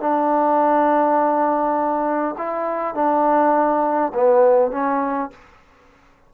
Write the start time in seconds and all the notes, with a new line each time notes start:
0.00 D4
2.37 E4
2.94 D4
4.14 B3
4.71 C#4